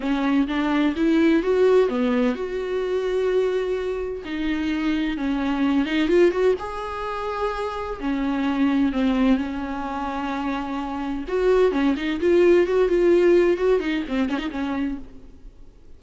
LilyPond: \new Staff \with { instrumentName = "viola" } { \time 4/4 \tempo 4 = 128 cis'4 d'4 e'4 fis'4 | b4 fis'2.~ | fis'4 dis'2 cis'4~ | cis'8 dis'8 f'8 fis'8 gis'2~ |
gis'4 cis'2 c'4 | cis'1 | fis'4 cis'8 dis'8 f'4 fis'8 f'8~ | f'4 fis'8 dis'8 c'8 cis'16 dis'16 cis'4 | }